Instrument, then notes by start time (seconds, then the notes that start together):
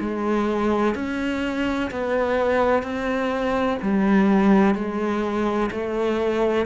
cello
0.00 G#3
0.95 C#4
1.90 B3
2.83 C4
3.82 G3
4.75 G#3
5.71 A3